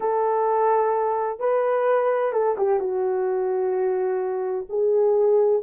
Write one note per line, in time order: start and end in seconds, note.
0.00 1.39 A4
1.39 2.32 B4
2.32 2.55 A4
2.57 2.79 G4
2.79 4.66 F#4
4.69 5.62 G#4